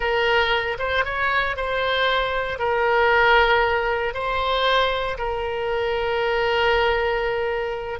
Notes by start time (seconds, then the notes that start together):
0.00 A#4
0.79 C5
1.04 C#5
1.56 C5
2.58 A#4
4.14 C5
5.18 A#4